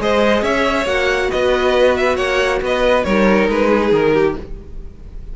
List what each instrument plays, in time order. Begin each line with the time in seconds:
0.00 cello G#3, viola G#4, violin C5 D#5
0.42 cello C#4, violin C#5 E5
0.86 cello A#3, viola F#4, violin F#5
1.31 cello B3, violin B4 D#5
1.97 violin E5
2.16 cello A#3, violin C#5 F#5
2.62 cello B3, violin B4 D#5
3.04 cello G3, viola D#4, violin A#4 C#5
3.49 cello G#3, violin B4
3.69 violin G#4
3.92 cello D#3, violin A#4
4.14 violin G4